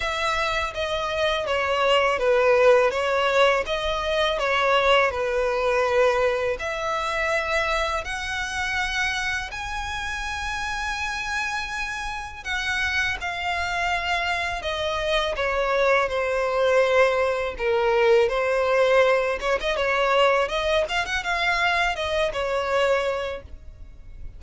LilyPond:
\new Staff \with { instrumentName = "violin" } { \time 4/4 \tempo 4 = 82 e''4 dis''4 cis''4 b'4 | cis''4 dis''4 cis''4 b'4~ | b'4 e''2 fis''4~ | fis''4 gis''2.~ |
gis''4 fis''4 f''2 | dis''4 cis''4 c''2 | ais'4 c''4. cis''16 dis''16 cis''4 | dis''8 f''16 fis''16 f''4 dis''8 cis''4. | }